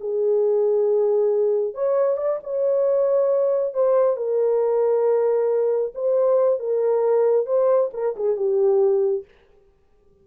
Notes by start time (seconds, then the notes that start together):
0.00 G#4
1.74 C#5
2.17 D5
2.43 C#5
3.74 C5
4.17 A#4
5.94 C5
6.59 A#4
7.46 C5
7.93 A#4
8.16 G#4
8.36 G4